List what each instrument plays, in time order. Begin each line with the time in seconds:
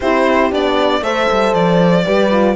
0.00 cello C4, horn E4 G4, violin C5
0.51 cello B3, horn D4, violin D5
1.00 cello A3, horn A4 C5, violin E5
1.31 cello G3
1.54 cello F3, violin D5
2.05 cello G3, horn G4 B4
2.31 horn F4